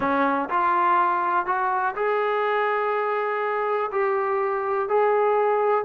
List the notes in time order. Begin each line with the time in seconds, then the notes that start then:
0.00 C#4
0.49 F4
1.45 F#4
1.95 G#4
3.91 G4
4.88 G#4